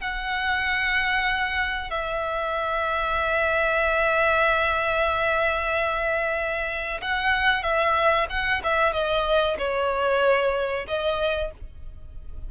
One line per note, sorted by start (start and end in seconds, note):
0.00 1.90 F#5
1.90 7.01 E5
7.01 7.62 F#5
7.62 8.26 E5
8.29 8.61 F#5
8.63 8.93 E5
8.93 9.57 D#5
9.58 10.86 C#5
10.87 11.51 D#5